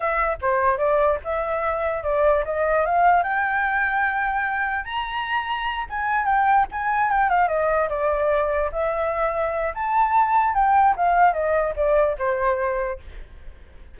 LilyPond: \new Staff \with { instrumentName = "flute" } { \time 4/4 \tempo 4 = 148 e''4 c''4 d''4 e''4~ | e''4 d''4 dis''4 f''4 | g''1 | ais''2~ ais''8 gis''4 g''8~ |
g''8 gis''4 g''8 f''8 dis''4 d''8~ | d''4. e''2~ e''8 | a''2 g''4 f''4 | dis''4 d''4 c''2 | }